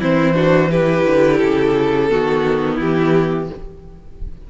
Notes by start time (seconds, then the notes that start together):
0.00 E3 C4 E4 C5
0.34 D4 F#4
0.70 E4 G4 B4
1.06 D3
1.37 C#3 A4
2.09 D#3 B3 F#4
2.75 E3 E4 G4